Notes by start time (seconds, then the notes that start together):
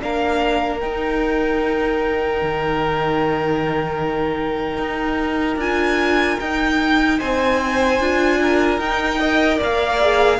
0.00 A#3 D4 A#4 F5
0.80 D#4 G5
2.42 D#3
4.78 D#4
5.57 D4 F4 G#5
6.40 D#4 G5
7.19 C4 C5 G#5
8.00 D4 F4
8.42 A#4
8.79 D#4 G5
9.19 A#4 D#5
9.58 A#3 D5 F5
10.01 G#4